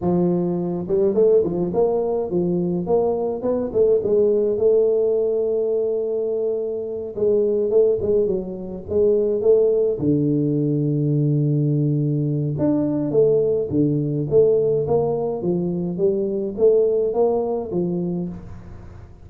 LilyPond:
\new Staff \with { instrumentName = "tuba" } { \time 4/4 \tempo 4 = 105 f4. g8 a8 f8 ais4 | f4 ais4 b8 a8 gis4 | a1~ | a8 gis4 a8 gis8 fis4 gis8~ |
gis8 a4 d2~ d8~ | d2 d'4 a4 | d4 a4 ais4 f4 | g4 a4 ais4 f4 | }